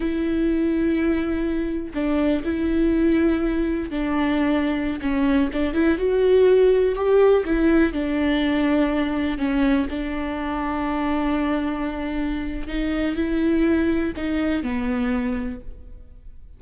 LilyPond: \new Staff \with { instrumentName = "viola" } { \time 4/4 \tempo 4 = 123 e'1 | d'4 e'2. | d'2~ d'16 cis'4 d'8 e'16~ | e'16 fis'2 g'4 e'8.~ |
e'16 d'2. cis'8.~ | cis'16 d'2.~ d'8.~ | d'2 dis'4 e'4~ | e'4 dis'4 b2 | }